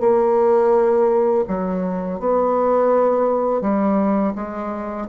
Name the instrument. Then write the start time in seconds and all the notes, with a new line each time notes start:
bassoon
0.00 A#3
1.48 F#3
2.19 B3
3.61 G3
4.35 G#3